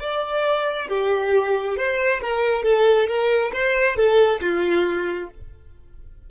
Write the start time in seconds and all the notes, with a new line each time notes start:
0.00 D5
0.89 G4
1.76 C5
2.21 A#4
2.63 A4
3.07 A#4
3.53 C5
3.96 A4
4.41 F4